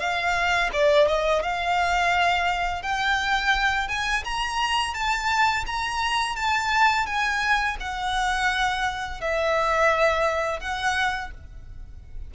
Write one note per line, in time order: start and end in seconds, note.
0.00 0.71 F5
0.73 1.08 D5
1.08 1.43 D#5
1.43 2.83 F5
2.83 3.89 G5
3.89 4.24 G#5
4.25 4.94 A#5
4.94 5.65 A5
5.67 6.37 A#5
6.37 7.07 A5
7.07 7.77 G#5
7.81 9.21 F#5
9.21 10.61 E5
10.61 11.31 F#5